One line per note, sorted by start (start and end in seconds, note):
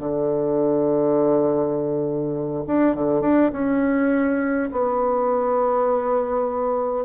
0.00 2.65 D3
2.67 2.95 D4
2.95 3.22 D3
3.22 3.51 D4
3.53 4.71 C#4
4.72 7.06 B3